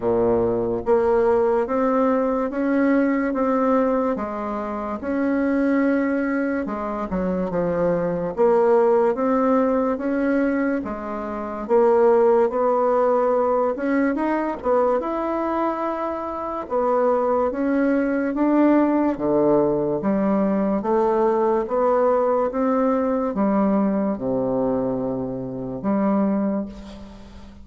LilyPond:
\new Staff \with { instrumentName = "bassoon" } { \time 4/4 \tempo 4 = 72 ais,4 ais4 c'4 cis'4 | c'4 gis4 cis'2 | gis8 fis8 f4 ais4 c'4 | cis'4 gis4 ais4 b4~ |
b8 cis'8 dis'8 b8 e'2 | b4 cis'4 d'4 d4 | g4 a4 b4 c'4 | g4 c2 g4 | }